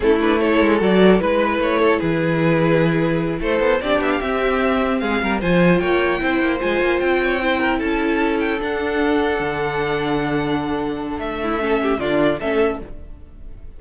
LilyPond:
<<
  \new Staff \with { instrumentName = "violin" } { \time 4/4 \tempo 4 = 150 a'8 b'8 cis''4 d''4 b'4 | cis''4 b'2.~ | b'8 c''4 d''8 e''16 f''16 e''4.~ | e''8 f''4 gis''4 g''4.~ |
g''8 gis''4 g''2 a''8~ | a''4 g''8 fis''2~ fis''8~ | fis''1 | e''2 d''4 e''4 | }
  \new Staff \with { instrumentName = "violin" } { \time 4/4 e'4 a'2 b'4~ | b'8 a'8 gis'2.~ | gis'8 a'4 g'2~ g'8~ | g'8 gis'8 ais'8 c''4 cis''4 c''8~ |
c''2 cis''8 c''8 ais'8 a'8~ | a'1~ | a'1~ | a'8 e'8 a'8 g'8 f'4 a'4 | }
  \new Staff \with { instrumentName = "viola" } { \time 4/4 cis'8 d'8 e'4 fis'4 e'4~ | e'1~ | e'4. d'4 c'4.~ | c'4. f'2 e'8~ |
e'8 f'2 e'4.~ | e'4. d'2~ d'8~ | d'1~ | d'4 cis'4 d'4 cis'4 | }
  \new Staff \with { instrumentName = "cello" } { \time 4/4 a4. gis8 fis4 gis4 | a4 e2.~ | e8 a8 b8 c'8 b8 c'4.~ | c'8 gis8 g8 f4 ais4 c'8 |
ais8 gis8 ais8 c'2 cis'8~ | cis'4. d'2 d8~ | d1 | a2 d4 a4 | }
>>